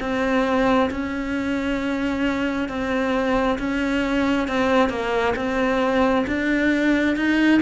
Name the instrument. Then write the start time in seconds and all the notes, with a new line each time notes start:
cello
0.00 C4
0.91 C#4
2.68 C4
3.59 C#4
4.48 C4
4.89 A#3
5.36 C4
6.27 D4
7.16 D#4